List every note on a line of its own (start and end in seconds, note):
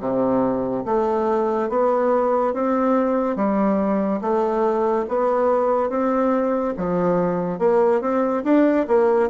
0.00 0.85 C3
0.86 1.69 A3
1.69 2.54 B3
2.54 3.36 C4
3.36 4.21 G3
4.21 5.06 A3
5.09 5.90 B3
5.90 6.74 C4
6.77 7.59 F3
7.59 8.01 A#3
8.01 8.44 C4
8.44 8.87 D4
8.88 9.30 A#3